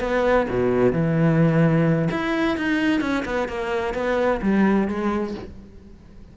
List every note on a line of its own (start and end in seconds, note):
0.00 0.47 B3
0.49 0.92 B2
0.92 2.09 E3
2.11 2.57 E4
2.57 3.01 D#4
3.01 3.24 C#4
3.25 3.48 B3
3.48 3.94 A#3
3.94 4.40 B3
4.42 4.88 G3
4.88 5.34 G#3